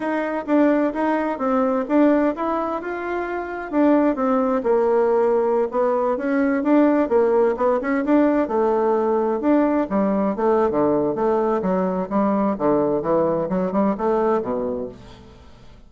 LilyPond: \new Staff \with { instrumentName = "bassoon" } { \time 4/4 \tempo 4 = 129 dis'4 d'4 dis'4 c'4 | d'4 e'4 f'2 | d'4 c'4 ais2~ | ais16 b4 cis'4 d'4 ais8.~ |
ais16 b8 cis'8 d'4 a4.~ a16~ | a16 d'4 g4 a8. d4 | a4 fis4 g4 d4 | e4 fis8 g8 a4 b,4 | }